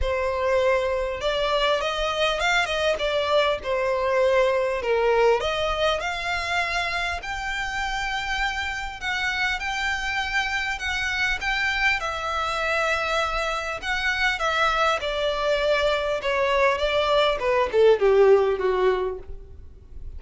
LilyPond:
\new Staff \with { instrumentName = "violin" } { \time 4/4 \tempo 4 = 100 c''2 d''4 dis''4 | f''8 dis''8 d''4 c''2 | ais'4 dis''4 f''2 | g''2. fis''4 |
g''2 fis''4 g''4 | e''2. fis''4 | e''4 d''2 cis''4 | d''4 b'8 a'8 g'4 fis'4 | }